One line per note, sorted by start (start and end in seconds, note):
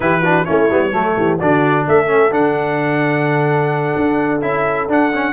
0.00 0.44 E3
0.00 0.21 E4
0.00 0.21 G4
0.00 0.44 B4
0.21 0.45 D4
0.21 0.44 F#4
0.44 0.69 A3
0.44 0.69 C#4
0.44 0.92 E4
0.44 1.37 C#5
0.69 0.92 G3
0.69 0.91 B3
0.91 1.16 F#3
0.91 1.38 A3
0.91 1.17 A4
1.17 1.40 E3
1.17 1.39 G4
1.39 1.87 D3
1.39 2.07 D4
1.39 1.85 F#4
1.39 1.86 D5
1.87 2.30 A3
1.87 5.32 A4
1.87 2.33 E5
2.07 2.30 C#4
2.30 3.93 D3
2.30 4.41 D4
2.30 4.41 F#5
3.95 4.41 D4
4.41 4.88 C#4
4.41 4.88 E4
4.41 4.87 E5
4.88 5.32 D4
4.88 5.12 D4
4.88 5.32 F#5
5.13 5.32 C#4